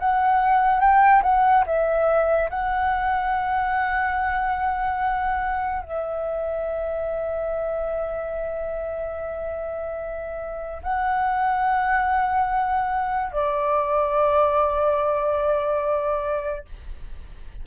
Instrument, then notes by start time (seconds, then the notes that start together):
flute
0.00 F#5
0.80 G5
1.23 F#5
1.67 E5
2.50 F#5
5.83 E5
10.83 F#5
13.32 D5